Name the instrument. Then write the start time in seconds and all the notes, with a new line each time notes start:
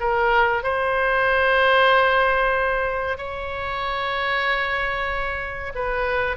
oboe
0.00 A#4
0.63 C5
3.17 C#5
5.75 B4